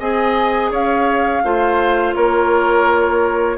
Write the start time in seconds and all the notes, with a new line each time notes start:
0.00 C4 G#4 D#5 G#5
0.71 C#4 C#5 F5
1.44 A3 F4 C5
2.15 A#3 A#4 C#5